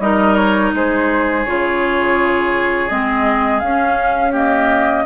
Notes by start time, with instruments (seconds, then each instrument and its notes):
0.00 bassoon G3, clarinet D#4, oboe A#4, flute D#5
0.36 flute C#5
0.74 bassoon G#3, oboe G#4, flute C5
1.45 bassoon C#3, clarinet F4, flute C#5
2.89 bassoon G#3, clarinet C4, flute D#5
3.60 bassoon C#4, flute F5
3.67 clarinet C#4
4.32 clarinet A#3, oboe G4, flute D#5